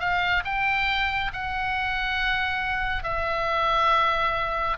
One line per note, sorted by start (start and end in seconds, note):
0.00 0.43 F5
0.45 1.32 G5
1.33 3.04 F#5
3.04 4.78 E5